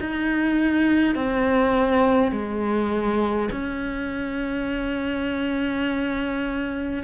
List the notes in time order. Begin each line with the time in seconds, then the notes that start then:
0.00 D#4
1.15 C4
2.32 G#3
3.51 C#4